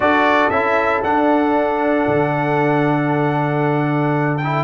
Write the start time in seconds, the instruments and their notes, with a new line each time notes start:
0.00 tuba D4, trombone F#4, horn A4, trumpet D5
0.50 tuba C#4, trombone E4, trumpet E5
1.03 tuba D4, trombone D4, trumpet F#5
2.07 tuba D3
4.37 trumpet G5
4.43 trombone E4